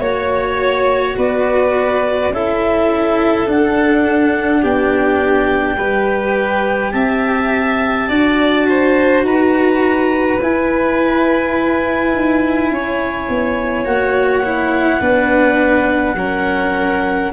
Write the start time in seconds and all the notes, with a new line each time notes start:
0.00 A#3 F#4 C#5
1.18 B3 B4 D5
2.30 C#4 E4 A4 E5
3.47 D4 F#5
4.61 B3 G4 G5
5.78 G3 G4 B4
6.92 C4 E5 A5
8.09 D4 F#4 D5
8.69 C5
9.23 D#4 B4 A#5
10.42 E4 G#5
12.13 D#4
12.71 C#4 C#5
13.29 B3
13.85 A#3 F#4 F#5
14.44 E4
15.01 B3 D4 B4
16.15 F#3 C#4 A#4